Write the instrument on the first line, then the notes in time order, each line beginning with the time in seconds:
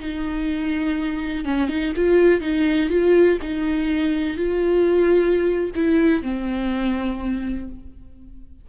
viola
0.00 D#4
1.45 C#4
1.69 D#4
1.96 F4
2.41 D#4
2.90 F4
3.43 D#4
4.37 F4
5.76 E4
6.23 C4